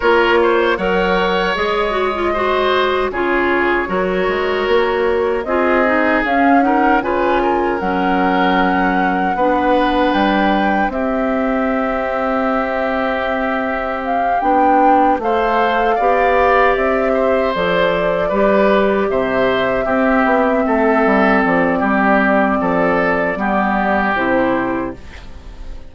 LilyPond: <<
  \new Staff \with { instrumentName = "flute" } { \time 4/4 \tempo 4 = 77 cis''4 fis''4 dis''2 | cis''2. dis''4 | f''8 fis''8 gis''4 fis''2~ | fis''4 g''4 e''2~ |
e''2 f''8 g''4 f''8~ | f''4. e''4 d''4.~ | d''8 e''2. d''8~ | d''2. c''4 | }
  \new Staff \with { instrumentName = "oboe" } { \time 4/4 ais'8 c''8 cis''2 c''4 | gis'4 ais'2 gis'4~ | gis'8 ais'8 b'8 ais'2~ ais'8 | b'2 g'2~ |
g'2.~ g'8 c''8~ | c''8 d''4. c''4. b'8~ | b'8 c''4 g'4 a'4. | g'4 a'4 g'2 | }
  \new Staff \with { instrumentName = "clarinet" } { \time 4/4 f'4 ais'4 gis'8 fis'16 f'16 fis'4 | f'4 fis'2 f'8 dis'8 | cis'8 dis'8 f'4 cis'2 | d'2 c'2~ |
c'2~ c'8 d'4 a'8~ | a'8 g'2 a'4 g'8~ | g'4. c'2~ c'8~ | c'2 b4 e'4 | }
  \new Staff \with { instrumentName = "bassoon" } { \time 4/4 ais4 fis4 gis2 | cis4 fis8 gis8 ais4 c'4 | cis'4 cis4 fis2 | b4 g4 c'2~ |
c'2~ c'8 b4 a8~ | a8 b4 c'4 f4 g8~ | g8 c4 c'8 b8 a8 g8 f8 | g4 f4 g4 c4 | }
>>